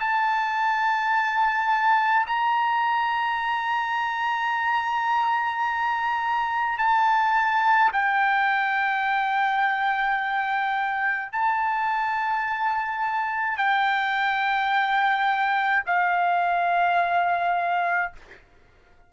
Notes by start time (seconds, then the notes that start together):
0.00 A5
2.27 A#5
6.78 A5
7.93 G5
11.33 A5
13.58 G5
15.86 F5